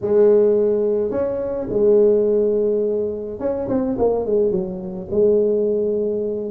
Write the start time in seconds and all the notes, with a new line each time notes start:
0.01 G#3
1.10 C#4
1.69 G#3
3.39 C#4
3.68 C4
3.98 A#3
4.25 G#3
4.51 F#3
5.10 G#3